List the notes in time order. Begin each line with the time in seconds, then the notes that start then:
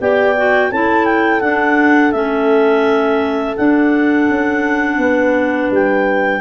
0.00 B3 G4 D5 G5
0.36 F#4
0.70 C#4 E4 A4 A5
1.05 G5
1.40 D4 F#5
2.12 A3 C#4 E5
3.56 D4 F#5
4.29 C#4
4.97 B3 B4
5.71 G3 G5